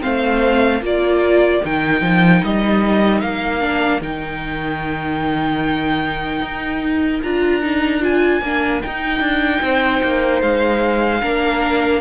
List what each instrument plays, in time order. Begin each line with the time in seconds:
0.00 cello A3, viola C4, violin C5 F5
0.81 cello A#3, viola F4, violin A#4 D5
1.64 cello D#3, viola D#4, violin G5
2.01 cello F3
2.44 cello G3, violin D#5
3.20 cello A#3, violin F5
3.60 viola D4
4.00 cello D#3, viola D#4, violin G5
6.41 cello D#4
7.22 cello D4, viola F4, violin A#5
7.62 viola D#4
8.00 viola F4, violin G#5
8.41 cello A#3, viola D4
8.82 viola D#4, cello D#4, violin G5
9.20 cello D4
9.61 cello C4, violin C5
10.03 cello A#3
10.41 cello G#3, violin F5
11.21 cello A#3, viola D4, violin A#4